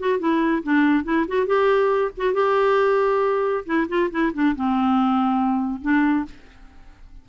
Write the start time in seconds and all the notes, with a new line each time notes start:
0.00 F#4
0.20 E4
0.63 D4
1.05 E4
1.28 F#4
1.47 G4
2.17 F#4
2.34 G4
3.66 E4
3.89 F4
4.11 E4
4.34 D4
4.56 C4
5.82 D4